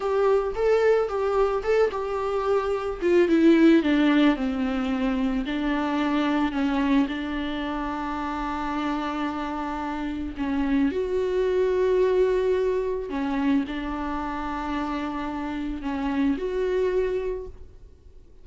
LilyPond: \new Staff \with { instrumentName = "viola" } { \time 4/4 \tempo 4 = 110 g'4 a'4 g'4 a'8 g'8~ | g'4. f'8 e'4 d'4 | c'2 d'2 | cis'4 d'2.~ |
d'2. cis'4 | fis'1 | cis'4 d'2.~ | d'4 cis'4 fis'2 | }